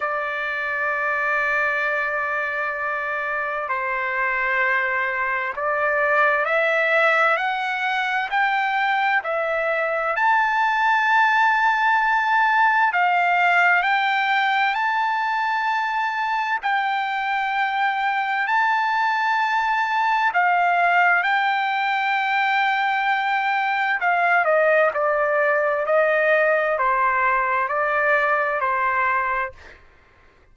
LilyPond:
\new Staff \with { instrumentName = "trumpet" } { \time 4/4 \tempo 4 = 65 d''1 | c''2 d''4 e''4 | fis''4 g''4 e''4 a''4~ | a''2 f''4 g''4 |
a''2 g''2 | a''2 f''4 g''4~ | g''2 f''8 dis''8 d''4 | dis''4 c''4 d''4 c''4 | }